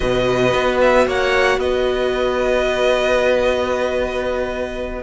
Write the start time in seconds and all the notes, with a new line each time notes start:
0.00 B2 F#4 B4 D#5
0.53 B3
0.81 E5
1.06 A#3 C#5 F#5
1.57 B3 B4 D#5